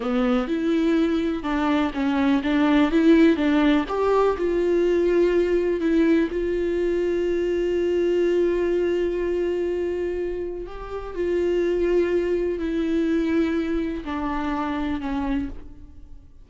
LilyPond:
\new Staff \with { instrumentName = "viola" } { \time 4/4 \tempo 4 = 124 b4 e'2 d'4 | cis'4 d'4 e'4 d'4 | g'4 f'2. | e'4 f'2.~ |
f'1~ | f'2 g'4 f'4~ | f'2 e'2~ | e'4 d'2 cis'4 | }